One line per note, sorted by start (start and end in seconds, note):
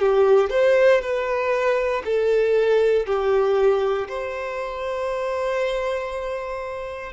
0.00 0.50 G4
0.50 1.01 C5
1.02 2.03 B4
2.05 3.06 A4
3.06 4.08 G4
4.09 7.13 C5